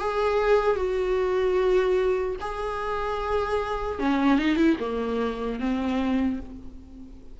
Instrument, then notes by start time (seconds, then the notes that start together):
viola
0.00 G#4
0.76 F#4
2.41 G#4
3.99 C#4
4.39 D#4
4.57 E4
4.80 A#3
5.60 C4